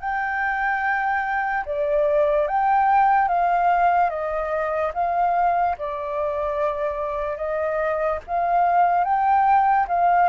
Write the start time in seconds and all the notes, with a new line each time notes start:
0.00 G5
1.66 D5
2.47 G5
3.28 F5
4.09 D#5
4.94 F5
5.78 D5
7.37 D#5
8.27 F5
9.04 G5
9.88 F5